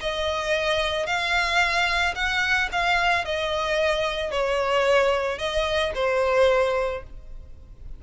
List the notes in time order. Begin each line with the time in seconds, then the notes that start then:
0.00 D#5
1.06 F5
2.15 F#5
2.72 F5
3.25 D#5
4.31 C#5
5.38 D#5
5.95 C5